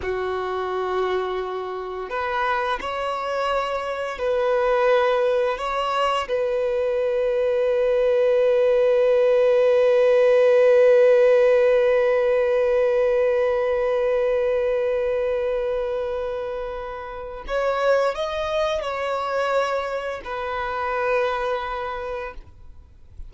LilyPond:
\new Staff \with { instrumentName = "violin" } { \time 4/4 \tempo 4 = 86 fis'2. b'4 | cis''2 b'2 | cis''4 b'2.~ | b'1~ |
b'1~ | b'1~ | b'4 cis''4 dis''4 cis''4~ | cis''4 b'2. | }